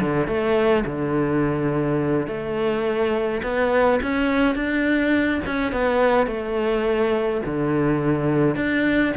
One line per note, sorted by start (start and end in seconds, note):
0.00 0.27 D3
0.27 0.84 A3
0.85 2.27 D3
2.27 3.41 A3
3.43 4.00 B3
4.02 4.55 C#4
4.55 5.41 D4
5.46 5.72 C#4
5.72 6.26 B3
6.26 7.41 A3
7.45 8.55 D3
8.55 9.12 D4